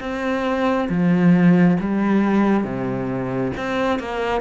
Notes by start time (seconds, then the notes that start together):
0.00 C4
0.89 F3
1.80 G3
2.64 C3
3.57 C4
3.99 A#3